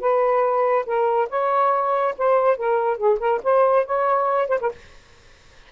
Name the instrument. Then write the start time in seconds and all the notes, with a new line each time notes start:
saxophone
0.00 B4
0.86 A#4
1.29 C#5
2.18 C5
2.57 A#4
2.97 G#4
3.19 A#4
3.43 C5
3.85 C#5
4.48 C5
4.61 A#4